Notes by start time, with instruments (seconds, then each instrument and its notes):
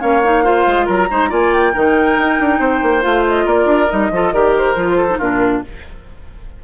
0.00 bassoon A#3, clarinet C#4, oboe C#5, flute F5
0.24 clarinet D#4
0.44 clarinet F4, oboe C5
0.66 bassoon G#3
0.86 bassoon F#3, oboe A#4, flute A#5
1.10 bassoon G#3, clarinet D#4, oboe C5
1.30 bassoon A#3, clarinet F4, oboe D5, flute G#5
1.54 flute G5
1.74 bassoon D#3, clarinet D#4, oboe A#4
2.18 bassoon D#4
2.40 bassoon D4
2.59 bassoon C4, oboe C5
2.83 bassoon A#3
3.02 bassoon A3, clarinet F4, flute F5
3.29 flute D#5
3.46 bassoon A#3, oboe A#4, flute D5
3.66 bassoon D4
3.90 bassoon G3, clarinet D#4, flute D#5
4.11 bassoon F3, clarinet F4, oboe A4
4.33 bassoon D#3, clarinet G4, oboe A#4, flute D5
4.58 flute C5
4.76 bassoon F3, clarinet F4
4.97 oboe A4
5.10 clarinet D#4
5.19 bassoon A#2, clarinet D4, oboe F4, flute A#4